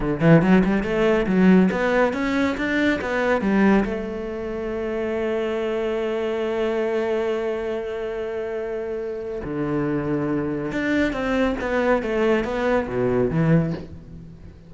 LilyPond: \new Staff \with { instrumentName = "cello" } { \time 4/4 \tempo 4 = 140 d8 e8 fis8 g8 a4 fis4 | b4 cis'4 d'4 b4 | g4 a2.~ | a1~ |
a1~ | a2 d2~ | d4 d'4 c'4 b4 | a4 b4 b,4 e4 | }